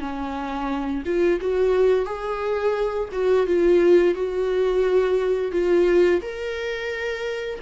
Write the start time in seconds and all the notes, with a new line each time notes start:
0.00 C#4
1.05 F4
1.40 F#4
2.05 G#4
3.12 F#4
3.47 F4
4.14 F#4
5.52 F4
6.22 A#4